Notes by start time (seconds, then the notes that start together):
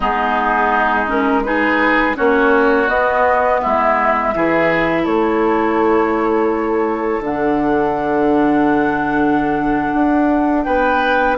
0.00 G#3 B3 D#4 G#4
1.07 C#4 A#4
1.43 D#4 G#4 B4
2.15 A#3 C#4 F#4 C#5
2.87 B3 D#5
3.61 G#3 E4 E5
4.34 E3 E4 G#4
5.02 A3 A4 C#5
7.20 D3 D4 F#5
9.93 D4
10.64 B3 B4 G5